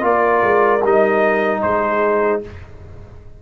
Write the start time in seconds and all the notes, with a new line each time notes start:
0.00 A#3 F4 A#4 D5
0.42 G#3
0.82 G3 D#4 D#5
1.61 G#3 G#4 C5